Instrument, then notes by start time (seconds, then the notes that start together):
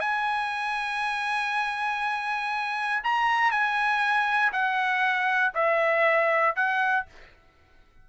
trumpet
0.00 G#5
3.03 A#5
3.51 G#5
4.52 F#5
5.54 E5
6.55 F#5